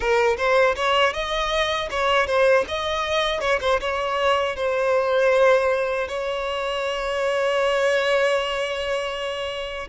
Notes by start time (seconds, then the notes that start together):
0.00 A#4
0.37 C5
0.75 C#5
1.13 D#5
1.90 C#5
2.26 C5
2.68 D#5
3.40 C#5
3.60 C5
3.80 C#5
4.56 C5
6.08 C#5